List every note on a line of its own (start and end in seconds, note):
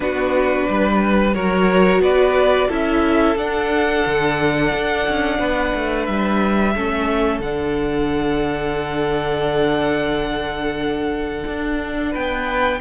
0.00 0.67 B3
0.00 1.35 D4
0.00 0.69 F#4
0.00 1.34 B4
0.69 1.35 G3
0.69 1.34 B4
1.34 1.99 F#3
1.34 2.69 F#4
1.34 2.01 A#4
1.34 2.01 C#5
1.99 2.67 B3
1.99 2.67 B4
1.99 2.70 D5
2.67 3.35 C#4
2.67 3.36 E4
2.67 5.37 A4
2.67 3.37 E5
3.35 4.03 D4
3.35 6.74 D4
3.35 6.06 F#5
4.06 4.73 D3
4.74 5.07 D4
5.08 5.39 C#4
5.38 5.72 B3
5.38 6.73 B4
5.74 6.07 A3
6.06 6.75 G3
6.06 7.41 E5
6.75 7.39 A3
6.75 7.42 C#4
6.75 12.11 A4
7.39 11.43 D3
7.39 12.80 D4
7.39 12.13 F#5
11.46 12.14 D4
12.11 12.80 B3
12.11 12.78 B4
12.11 12.80 G5